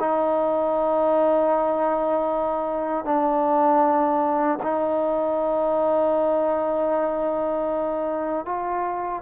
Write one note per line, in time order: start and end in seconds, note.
0.00 3.05 D#4
3.05 4.59 D4
4.63 8.46 D#4
8.46 9.23 F4